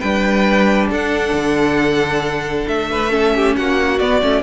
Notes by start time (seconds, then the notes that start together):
0.00 G3 D4 B4 G5
0.90 D4 A4 F#5
1.33 D3
2.67 A3 E5
2.91 B4
3.09 C#4 A4
3.35 G4
3.56 A#3 F#4 F#5
3.98 B3 D5
4.21 A3 C#4